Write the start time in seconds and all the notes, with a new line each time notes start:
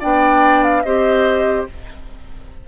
0.00 B3 D4 D5 G5
0.64 F5
0.83 C4 G4 C5 D#5